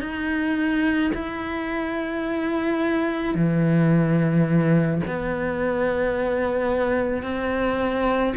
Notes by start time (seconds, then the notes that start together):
0.00 D#4
1.14 E4
3.35 E3
5.07 B3
7.23 C4